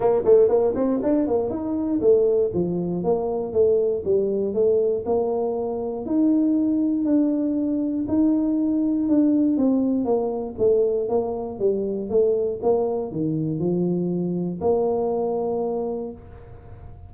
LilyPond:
\new Staff \with { instrumentName = "tuba" } { \time 4/4 \tempo 4 = 119 ais8 a8 ais8 c'8 d'8 ais8 dis'4 | a4 f4 ais4 a4 | g4 a4 ais2 | dis'2 d'2 |
dis'2 d'4 c'4 | ais4 a4 ais4 g4 | a4 ais4 dis4 f4~ | f4 ais2. | }